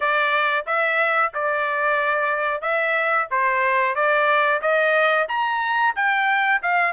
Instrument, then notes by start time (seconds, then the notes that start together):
trumpet
0.00 D5
0.66 E5
1.34 D5
2.61 E5
3.30 C5
3.95 D5
4.61 D#5
5.28 A#5
5.95 G5
6.62 F5